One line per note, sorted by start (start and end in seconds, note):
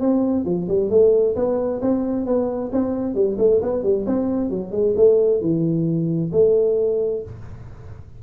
0.00 0.45 C4
0.45 0.67 F3
0.68 0.90 G3
0.90 1.35 A3
1.35 1.80 B3
1.81 2.26 C4
2.26 2.71 B3
2.72 3.14 C4
3.14 3.37 G3
3.38 3.60 A3
3.62 3.83 B3
3.83 4.05 G3
4.06 4.49 C4
4.49 4.71 F#3
4.71 4.94 G#3
4.96 5.41 A3
5.41 6.31 E3
6.32 7.22 A3